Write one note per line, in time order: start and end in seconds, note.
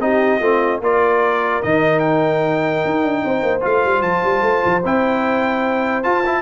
0.00 0.40 C4
0.00 0.41 D#4
0.00 0.40 G4
0.00 0.81 D#5
0.40 0.81 A3
0.40 0.82 C4
0.40 0.80 F4
0.81 1.61 A#3
0.81 1.63 F4
0.81 3.25 A#4
0.81 1.63 D5
1.63 2.85 D#3
1.63 3.61 D#4
1.63 1.99 D#5
1.99 3.61 G5
2.85 3.04 D#4
3.04 3.24 D4
3.25 3.43 C4
3.25 6.43 C5
3.43 3.63 A#3
3.61 3.85 A3
3.61 4.82 F4
3.61 4.02 F5
3.85 4.02 G3
4.02 4.22 F3
4.02 4.83 A5
4.24 4.42 G3
4.42 4.62 A3
4.66 4.85 F3
4.85 6.05 C4
4.85 6.04 E4
4.85 6.03 G5
6.03 6.24 F4
6.03 6.43 F4
6.03 6.43 A5
6.26 6.43 E4